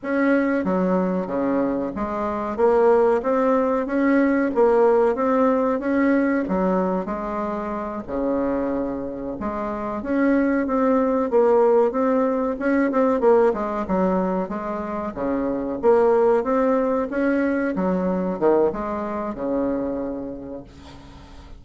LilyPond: \new Staff \with { instrumentName = "bassoon" } { \time 4/4 \tempo 4 = 93 cis'4 fis4 cis4 gis4 | ais4 c'4 cis'4 ais4 | c'4 cis'4 fis4 gis4~ | gis8 cis2 gis4 cis'8~ |
cis'8 c'4 ais4 c'4 cis'8 | c'8 ais8 gis8 fis4 gis4 cis8~ | cis8 ais4 c'4 cis'4 fis8~ | fis8 dis8 gis4 cis2 | }